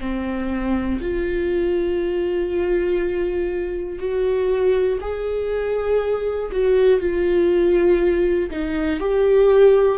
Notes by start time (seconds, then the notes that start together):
0.00 C4
1.00 F4
3.98 F#4
5.00 G#4
6.51 F#4
7.00 F4
8.50 D#4
9.00 G4